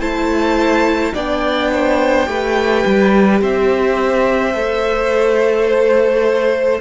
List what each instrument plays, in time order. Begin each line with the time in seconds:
0.00 cello A3, viola E4, violin C5 A5
1.13 cello B3, viola D4, violin D5 G5
1.72 violin C5
2.27 cello A3, viola G4, violin B4
2.86 cello G3
3.42 cello C4, violin C5 E5
4.54 cello A3, viola A4
5.67 violin C5